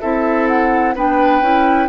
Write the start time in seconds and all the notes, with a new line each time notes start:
0.00 C4 E4 A4 E5
0.47 F#5
0.95 B3 D4 B4 G5
1.41 C#4 E4